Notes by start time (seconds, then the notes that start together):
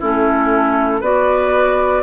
0.00 A3 C#4 E4 A4
1.01 B3 F#4 B4 D5